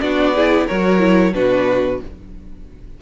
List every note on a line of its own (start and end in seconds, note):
0.00 0.68 B3
0.00 0.35 D4
0.00 0.35 F#4
0.00 0.67 D5
0.35 0.69 E4
0.35 0.66 G#4
0.66 1.33 F#3
0.66 0.99 F#4
0.66 1.33 A#4
0.66 1.34 C#5
0.99 1.32 E4
1.33 2.00 B2
1.33 2.00 D4
1.33 2.01 F#4
1.33 2.00 B4